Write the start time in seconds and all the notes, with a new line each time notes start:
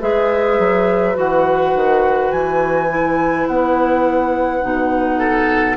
0.00 G#3 G#4 B4 E5
0.58 F#3
1.14 E3 F#4 F#5
1.74 D#3
2.31 E3 G#5
2.88 E4
3.47 B3 F#5
4.61 B2 D#4
5.18 A4